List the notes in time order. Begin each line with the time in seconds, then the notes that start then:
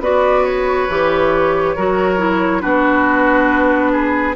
0.00 B3 F#4 B4 D5
0.44 C#5
0.88 E3 G4
1.75 F#3 F#4 A#4
2.17 E4
2.60 B3 D4 F#4 B4
3.92 G#4